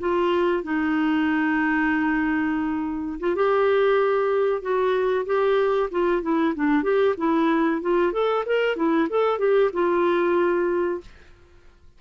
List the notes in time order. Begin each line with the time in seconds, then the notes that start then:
0.00 F4
0.64 D#4
3.20 F4
3.36 G4
4.62 F#4
5.26 G4
5.91 F4
6.22 E4
6.55 D4
6.84 G4
7.18 E4
7.82 F4
8.13 A4
8.46 A#4
8.76 E4
9.10 A4
9.39 G4
9.73 F4